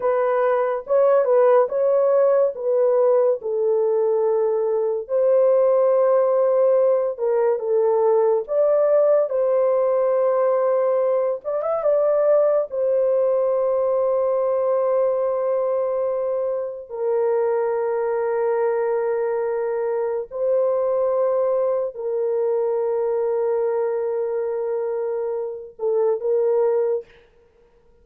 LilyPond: \new Staff \with { instrumentName = "horn" } { \time 4/4 \tempo 4 = 71 b'4 cis''8 b'8 cis''4 b'4 | a'2 c''2~ | c''8 ais'8 a'4 d''4 c''4~ | c''4. d''16 e''16 d''4 c''4~ |
c''1 | ais'1 | c''2 ais'2~ | ais'2~ ais'8 a'8 ais'4 | }